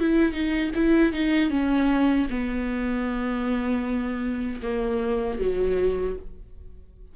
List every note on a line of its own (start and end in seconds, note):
0.00 0.33 E4
0.33 0.71 D#4
0.74 1.13 E4
1.13 1.50 D#4
1.50 2.27 C#4
2.30 4.60 B3
4.62 5.39 A#3
5.39 6.16 F#3